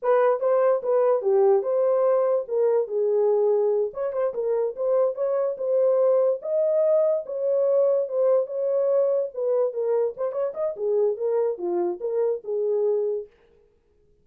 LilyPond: \new Staff \with { instrumentName = "horn" } { \time 4/4 \tempo 4 = 145 b'4 c''4 b'4 g'4 | c''2 ais'4 gis'4~ | gis'4. cis''8 c''8 ais'4 c''8~ | c''8 cis''4 c''2 dis''8~ |
dis''4. cis''2 c''8~ | c''8 cis''2 b'4 ais'8~ | ais'8 c''8 cis''8 dis''8 gis'4 ais'4 | f'4 ais'4 gis'2 | }